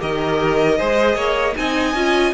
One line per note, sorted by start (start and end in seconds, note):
0.00 0.80 D#3
0.00 0.78 G4
0.00 0.79 A#4
0.00 1.57 D#5
0.79 1.15 G#3
0.79 1.55 G#4
0.79 1.16 C5
1.15 1.54 A#3
1.15 1.55 C#5
1.55 1.94 C4
1.55 1.94 D#4
1.55 2.35 D#5
1.55 2.35 G#5
1.94 2.33 C#4
1.94 2.35 F4